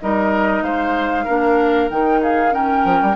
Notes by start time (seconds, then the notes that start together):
0.00 G3 D#4 A#4 D#5
0.62 G#3 C5 F5
1.24 A#3 D4 A#4
1.90 D#3 D#4 G5
2.22 G#4 F5
2.50 C#4 A#4 G5
2.84 F3
3.01 G3